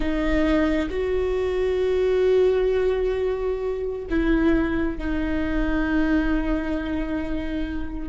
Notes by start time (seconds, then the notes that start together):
0.00 D#4
0.90 F#4
4.10 E4
4.98 D#4